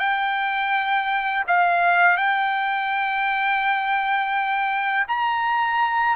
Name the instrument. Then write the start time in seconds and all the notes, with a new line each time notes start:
trumpet
0.00 G5
1.48 F5
2.18 G5
5.08 A#5